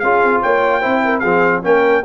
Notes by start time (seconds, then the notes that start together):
0.00 C#4 F4 G#4 F5
0.23 C4
0.43 A#3 C#5 G5
0.81 C4 E4 C5
1.05 A#4
1.20 F3 C4 G#4 F5
1.63 A#3 C#4 A#4 G5